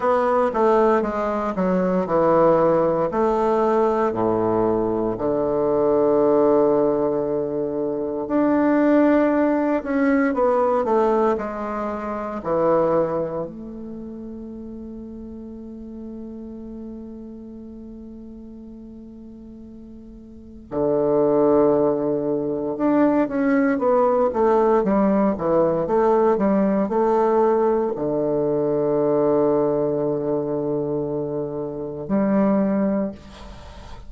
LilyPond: \new Staff \with { instrumentName = "bassoon" } { \time 4/4 \tempo 4 = 58 b8 a8 gis8 fis8 e4 a4 | a,4 d2. | d'4. cis'8 b8 a8 gis4 | e4 a2.~ |
a1 | d2 d'8 cis'8 b8 a8 | g8 e8 a8 g8 a4 d4~ | d2. g4 | }